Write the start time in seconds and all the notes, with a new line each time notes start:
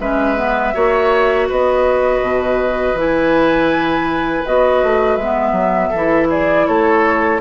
0.00 G#3 C#4 B4 E5
0.37 B3
0.74 A#3 F#4 C#5
1.49 B3 B4 D#5
2.22 B2
2.94 E3 E4
3.01 G#5
4.46 B3 F#4 D#5
4.83 A3
5.17 G#3 B3 E5
5.52 F#3
5.90 E3 E4 A4
6.30 G#4 D5
6.67 A3 A4 C#5